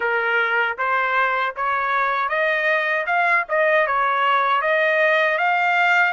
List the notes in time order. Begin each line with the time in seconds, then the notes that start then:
0.00 A#4
0.77 C5
1.56 C#5
2.28 D#5
3.06 F5
3.49 D#5
3.86 C#5
4.61 D#5
5.37 F5